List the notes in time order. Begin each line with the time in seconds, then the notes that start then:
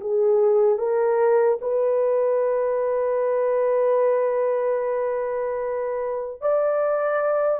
0.00 G#4
0.78 A#4
1.61 B4
6.41 D5